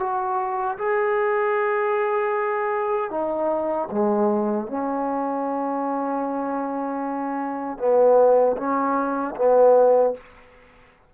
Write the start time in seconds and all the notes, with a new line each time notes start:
0.00 F#4
0.78 G#4
3.11 D#4
3.92 G#3
4.68 C#4
7.79 B3
8.57 C#4
9.36 B3